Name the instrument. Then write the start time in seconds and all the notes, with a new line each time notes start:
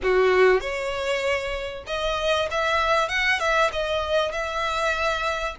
violin
0.02 F#4
0.60 C#5
1.86 D#5
2.51 E5
3.08 F#5
3.39 E5
3.72 D#5
4.32 E5